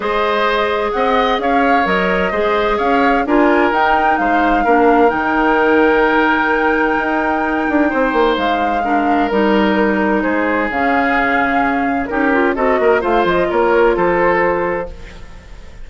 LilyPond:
<<
  \new Staff \with { instrumentName = "flute" } { \time 4/4 \tempo 4 = 129 dis''2 fis''4 f''4 | dis''2 f''4 gis''4 | g''4 f''2 g''4~ | g''1~ |
g''2 f''2 | ais'2 c''4 f''4~ | f''2 ais'4 dis''4 | f''8 dis''8 cis''4 c''2 | }
  \new Staff \with { instrumentName = "oboe" } { \time 4/4 c''2 dis''4 cis''4~ | cis''4 c''4 cis''4 ais'4~ | ais'4 c''4 ais'2~ | ais'1~ |
ais'4 c''2 ais'4~ | ais'2 gis'2~ | gis'2 g'4 a'8 ais'8 | c''4 ais'4 a'2 | }
  \new Staff \with { instrumentName = "clarinet" } { \time 4/4 gis'1 | ais'4 gis'2 f'4 | dis'2 d'4 dis'4~ | dis'1~ |
dis'2. d'4 | dis'2. cis'4~ | cis'2 dis'8 f'8 fis'4 | f'1 | }
  \new Staff \with { instrumentName = "bassoon" } { \time 4/4 gis2 c'4 cis'4 | fis4 gis4 cis'4 d'4 | dis'4 gis4 ais4 dis4~ | dis2. dis'4~ |
dis'8 d'8 c'8 ais8 gis2 | g2 gis4 cis4~ | cis2 cis'4 c'8 ais8 | a8 f8 ais4 f2 | }
>>